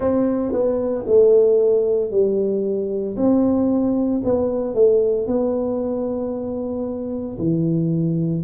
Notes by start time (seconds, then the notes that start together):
0.00 C4
0.52 B3
1.07 A3
2.11 G3
3.16 C4
4.23 B3
4.74 A3
5.26 B3
7.38 E3